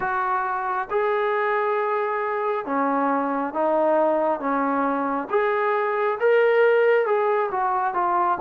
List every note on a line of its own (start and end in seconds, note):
0.00 0.88 F#4
0.90 2.65 G#4
2.65 3.53 C#4
3.53 4.40 D#4
4.40 5.28 C#4
5.30 6.18 G#4
6.20 7.05 A#4
7.05 7.50 G#4
7.51 7.94 F#4
7.94 8.38 F4